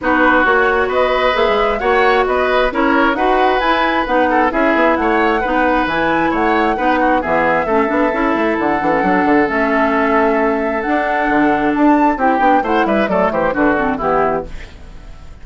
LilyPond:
<<
  \new Staff \with { instrumentName = "flute" } { \time 4/4 \tempo 4 = 133 b'4 cis''4 dis''4 e''4 | fis''4 dis''4 cis''4 fis''4 | gis''4 fis''4 e''4 fis''4~ | fis''4 gis''4 fis''2 |
e''2. fis''4~ | fis''4 e''2. | fis''2 a''4 g''4 | fis''8 e''8 d''8 c''8 b'8 a'8 g'4 | }
  \new Staff \with { instrumentName = "oboe" } { \time 4/4 fis'2 b'2 | cis''4 b'4 ais'4 b'4~ | b'4. a'8 gis'4 cis''4 | b'2 cis''4 b'8 fis'8 |
gis'4 a'2.~ | a'1~ | a'2. g'4 | c''8 b'8 a'8 g'8 fis'4 e'4 | }
  \new Staff \with { instrumentName = "clarinet" } { \time 4/4 dis'4 fis'2 gis'4 | fis'2 e'4 fis'4 | e'4 dis'4 e'2 | dis'4 e'2 dis'4 |
b4 cis'8 d'8 e'4. d'16 cis'16 | d'4 cis'2. | d'2. e'8 d'8 | e'4 a4 d'8 c'8 b4 | }
  \new Staff \with { instrumentName = "bassoon" } { \time 4/4 b4 ais4 b4 ais16 gis8. | ais4 b4 cis'4 dis'4 | e'4 b4 cis'8 b8 a4 | b4 e4 a4 b4 |
e4 a8 b8 cis'8 a8 d8 e8 | fis8 d8 a2. | d'4 d4 d'4 c'8 b8 | a8 g8 fis8 e8 d4 e4 | }
>>